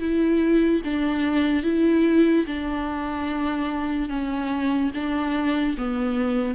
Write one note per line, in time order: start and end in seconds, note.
0.00 0.82 E4
0.85 1.64 D4
1.64 2.46 E4
2.47 4.09 D4
4.09 4.92 C#4
4.95 5.77 D4
5.78 6.55 B3